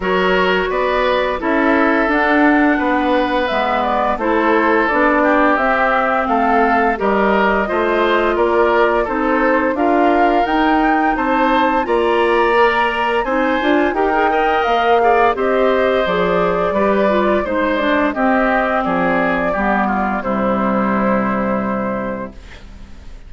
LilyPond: <<
  \new Staff \with { instrumentName = "flute" } { \time 4/4 \tempo 4 = 86 cis''4 d''4 e''4 fis''4~ | fis''4 e''8 d''8 c''4 d''4 | e''4 f''4 dis''2 | d''4 c''4 f''4 g''4 |
a''4 ais''2 gis''4 | g''4 f''4 dis''4 d''4~ | d''4 c''8 d''8 dis''4 d''4~ | d''4 c''2. | }
  \new Staff \with { instrumentName = "oboe" } { \time 4/4 ais'4 b'4 a'2 | b'2 a'4. g'8~ | g'4 a'4 ais'4 c''4 | ais'4 a'4 ais'2 |
c''4 d''2 c''4 | ais'8 dis''4 d''8 c''2 | b'4 c''4 g'4 gis'4 | g'8 f'8 e'2. | }
  \new Staff \with { instrumentName = "clarinet" } { \time 4/4 fis'2 e'4 d'4~ | d'4 b4 e'4 d'4 | c'2 g'4 f'4~ | f'4 dis'4 f'4 dis'4~ |
dis'4 f'4 ais'4 dis'8 f'8 | g'16 gis'16 ais'4 gis'8 g'4 gis'4 | g'8 f'8 dis'8 d'8 c'2 | b4 g2. | }
  \new Staff \with { instrumentName = "bassoon" } { \time 4/4 fis4 b4 cis'4 d'4 | b4 gis4 a4 b4 | c'4 a4 g4 a4 | ais4 c'4 d'4 dis'4 |
c'4 ais2 c'8 d'8 | dis'4 ais4 c'4 f4 | g4 gis4 c'4 f4 | g4 c2. | }
>>